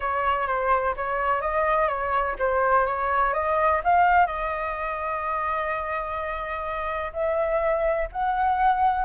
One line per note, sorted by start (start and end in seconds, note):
0.00 0.47 C#5
0.47 0.94 C5
0.96 1.41 C#5
1.41 1.88 D#5
1.88 2.35 C#5
2.38 2.86 C5
2.86 3.33 C#5
3.33 3.81 D#5
3.84 4.26 F5
4.26 7.12 D#5
7.13 8.08 E5
8.12 9.05 F#5